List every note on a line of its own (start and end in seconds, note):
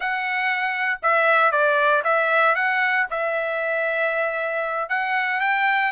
0.00 0.99 F#5
1.02 1.51 E5
1.51 2.03 D5
2.04 2.55 E5
2.55 3.06 F#5
3.10 4.89 E5
4.89 5.40 F#5
5.40 5.91 G5